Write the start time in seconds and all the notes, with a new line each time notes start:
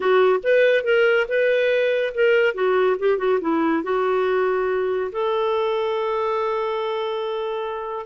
0.00 F#4
0.43 B4
0.84 A#4
1.28 B4
2.14 A#4
2.54 F#4
2.99 G4
3.17 F#4
3.40 E4
3.83 F#4
5.12 A4